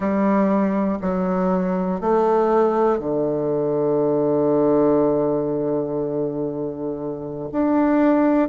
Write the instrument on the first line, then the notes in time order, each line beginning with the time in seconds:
bassoon
0.00 G3
1.01 F#3
2.00 A3
2.99 D3
7.52 D4